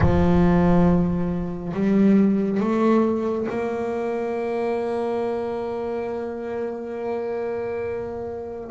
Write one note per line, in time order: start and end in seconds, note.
0.00 1.72 F3
1.73 2.59 G3
2.59 3.46 A3
3.49 8.70 A#3